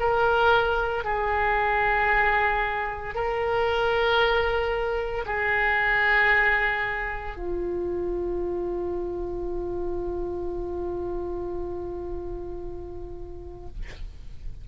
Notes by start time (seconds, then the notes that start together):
0.00 A#4
1.04 G#4
3.15 A#4
5.26 G#4
7.37 F4